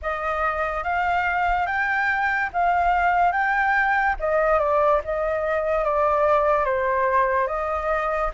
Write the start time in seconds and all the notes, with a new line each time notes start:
0.02 D#5
0.83 F5
1.66 G5
2.52 F5
3.32 G5
4.19 D#5
4.59 D5
5.04 D#5
5.84 D5
6.64 C5
7.47 D#5